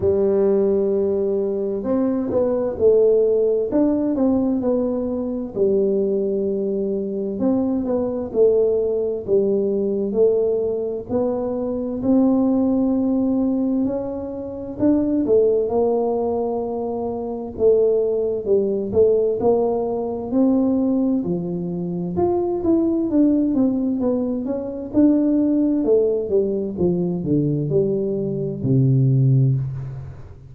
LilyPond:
\new Staff \with { instrumentName = "tuba" } { \time 4/4 \tempo 4 = 65 g2 c'8 b8 a4 | d'8 c'8 b4 g2 | c'8 b8 a4 g4 a4 | b4 c'2 cis'4 |
d'8 a8 ais2 a4 | g8 a8 ais4 c'4 f4 | f'8 e'8 d'8 c'8 b8 cis'8 d'4 | a8 g8 f8 d8 g4 c4 | }